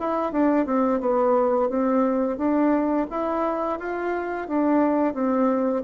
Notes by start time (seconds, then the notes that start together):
0.00 E4
0.32 D4
0.66 C4
1.01 B3
1.70 C4
2.38 D4
3.10 E4
3.79 F4
4.48 D4
5.14 C4